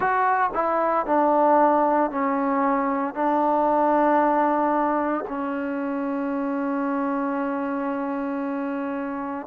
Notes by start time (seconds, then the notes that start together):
0.00 F#4
0.54 E4
1.06 D4
2.11 C#4
3.14 D4
5.27 C#4